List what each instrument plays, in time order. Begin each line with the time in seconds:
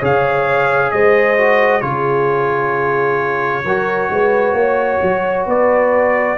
0.00 tuba C#3, trombone G#4, horn C#5, trumpet F5
0.91 tuba G#3, horn C5, trumpet D#5
1.38 trombone F#4
1.82 tuba C#3, trombone F4, horn G#4, trumpet C#5
3.65 tuba F#3, trombone F#4, horn A#4
4.11 tuba G#3, horn B4
4.54 tuba A#3, horn C#5
5.03 tuba F#3
5.47 tuba B3, horn B4, trumpet D5